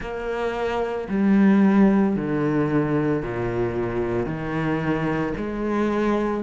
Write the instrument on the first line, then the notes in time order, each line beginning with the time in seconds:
cello
0.00 A#3
1.09 G3
2.15 D3
3.22 A#2
4.26 D#3
5.36 G#3